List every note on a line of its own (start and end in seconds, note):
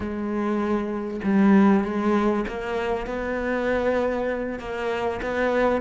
0.00 1.20 G#3
1.23 1.84 G3
1.84 2.45 G#3
2.48 3.06 A#3
3.06 4.59 B3
4.59 5.20 A#3
5.22 5.81 B3